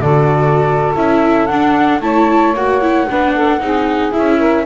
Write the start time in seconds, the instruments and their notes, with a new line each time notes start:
0.00 double bass D3, viola F#4, saxophone A4, flute D5
0.95 double bass C#4, viola E4, flute E5
1.46 double bass D4, viola D4, flute F#5
2.00 double bass A3, viola E4, saxophone C#5, flute A5
2.53 double bass A#3, viola F#4, flute F#5
2.81 viola E4
3.09 double bass B3, viola D4, saxophone B4
3.34 saxophone A4
3.60 double bass C4, viola D#4, saxophone G#4
4.11 viola E4, flute E5
4.18 double bass C#4
4.38 saxophone A#4